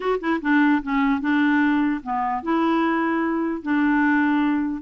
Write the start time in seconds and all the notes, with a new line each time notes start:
0.00 F#4
0.20 E4
0.41 D4
0.83 C#4
1.20 D4
2.03 B3
2.42 E4
3.62 D4